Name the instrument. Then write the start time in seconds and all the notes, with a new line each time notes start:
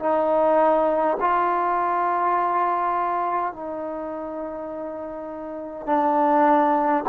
trombone
0.00 D#4
1.21 F4
3.53 D#4
5.87 D4